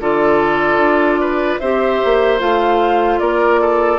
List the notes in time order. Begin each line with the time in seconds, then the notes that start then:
0.00 D3 F4 A4 D5
0.76 D4
1.20 B4
1.59 C4 G4 C5 E5
2.04 A#3
2.38 A3 F4 F5
3.19 A#3 A#4 D5
3.61 A4